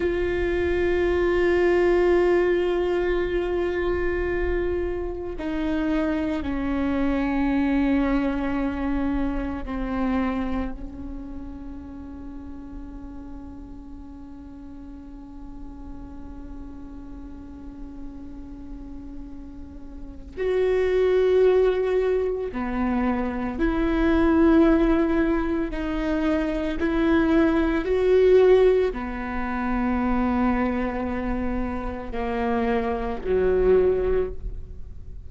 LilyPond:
\new Staff \with { instrumentName = "viola" } { \time 4/4 \tempo 4 = 56 f'1~ | f'4 dis'4 cis'2~ | cis'4 c'4 cis'2~ | cis'1~ |
cis'2. fis'4~ | fis'4 b4 e'2 | dis'4 e'4 fis'4 b4~ | b2 ais4 fis4 | }